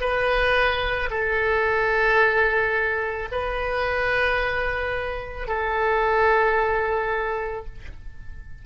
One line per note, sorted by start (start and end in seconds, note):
0.00 1.09 B4
1.11 3.29 A4
3.31 5.47 B4
5.47 7.66 A4